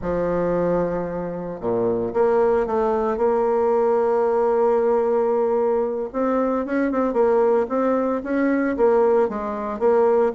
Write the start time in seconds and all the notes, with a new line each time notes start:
0.01 F3
1.60 A#2
2.13 A#3
2.66 A3
3.17 A#3
6.12 C4
6.65 C#4
6.91 C4
7.13 A#3
7.68 C4
8.23 C#4
8.76 A#3
9.28 G#3
9.79 A#3